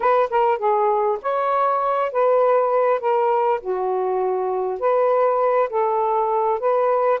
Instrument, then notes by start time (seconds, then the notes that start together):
saxophone
0.00 B4
0.29 A#4
0.58 G#4
1.22 C#5
2.12 B4
3.00 A#4
3.60 F#4
4.79 B4
5.69 A4
6.59 B4